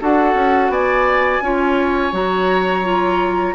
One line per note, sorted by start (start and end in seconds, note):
0.00 0.34 D4
0.00 1.43 F#4
0.00 0.72 A4
0.00 0.71 F#5
0.34 0.69 C#4
0.69 1.40 B3
0.69 1.43 D5
0.69 2.14 G#5
1.41 2.12 C#4
1.41 2.12 F4
1.41 3.55 C#5
2.12 3.55 F#3
2.12 2.83 F#4
2.12 3.55 A#5
2.83 3.55 F4